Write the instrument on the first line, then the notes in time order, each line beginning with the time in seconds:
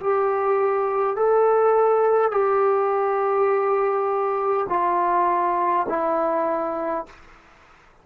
trombone
0.00 G4
1.16 A4
2.31 G4
4.68 F4
5.88 E4